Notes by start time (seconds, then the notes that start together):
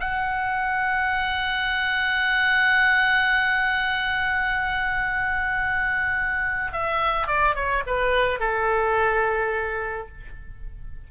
0.00 F#5
6.72 E5
7.27 D5
7.55 C#5
7.86 B4
8.39 A4